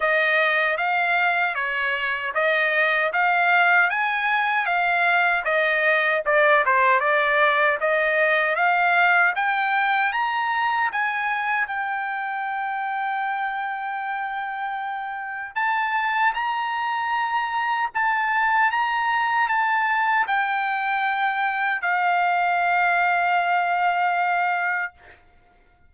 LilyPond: \new Staff \with { instrumentName = "trumpet" } { \time 4/4 \tempo 4 = 77 dis''4 f''4 cis''4 dis''4 | f''4 gis''4 f''4 dis''4 | d''8 c''8 d''4 dis''4 f''4 | g''4 ais''4 gis''4 g''4~ |
g''1 | a''4 ais''2 a''4 | ais''4 a''4 g''2 | f''1 | }